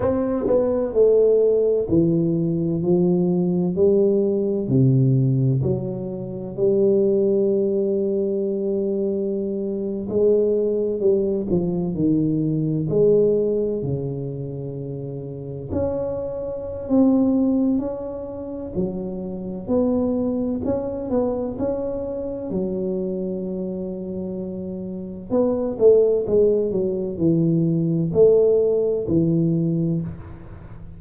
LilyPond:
\new Staff \with { instrumentName = "tuba" } { \time 4/4 \tempo 4 = 64 c'8 b8 a4 e4 f4 | g4 c4 fis4 g4~ | g2~ g8. gis4 g16~ | g16 f8 dis4 gis4 cis4~ cis16~ |
cis8. cis'4~ cis'16 c'4 cis'4 | fis4 b4 cis'8 b8 cis'4 | fis2. b8 a8 | gis8 fis8 e4 a4 e4 | }